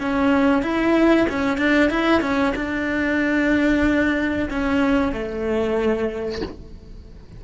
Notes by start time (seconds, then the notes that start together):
0.00 C#4
0.62 E4
1.29 C#4
1.57 D4
1.90 E4
2.21 C#4
2.55 D4
4.50 C#4
5.12 A3